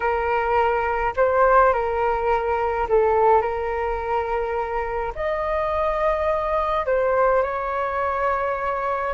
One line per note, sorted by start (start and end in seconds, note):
0.00 1.13 A#4
1.16 1.73 C5
1.73 2.87 A#4
2.89 3.41 A4
3.41 5.12 A#4
5.15 6.86 D#5
6.86 7.42 C5
7.42 9.14 C#5